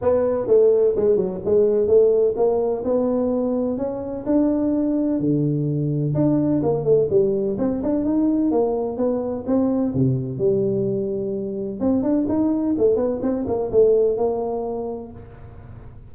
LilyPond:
\new Staff \with { instrumentName = "tuba" } { \time 4/4 \tempo 4 = 127 b4 a4 gis8 fis8 gis4 | a4 ais4 b2 | cis'4 d'2 d4~ | d4 d'4 ais8 a8 g4 |
c'8 d'8 dis'4 ais4 b4 | c'4 c4 g2~ | g4 c'8 d'8 dis'4 a8 b8 | c'8 ais8 a4 ais2 | }